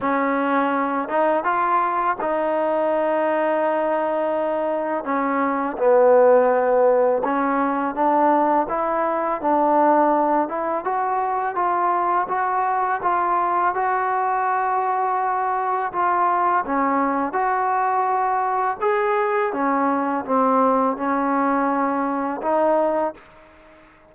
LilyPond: \new Staff \with { instrumentName = "trombone" } { \time 4/4 \tempo 4 = 83 cis'4. dis'8 f'4 dis'4~ | dis'2. cis'4 | b2 cis'4 d'4 | e'4 d'4. e'8 fis'4 |
f'4 fis'4 f'4 fis'4~ | fis'2 f'4 cis'4 | fis'2 gis'4 cis'4 | c'4 cis'2 dis'4 | }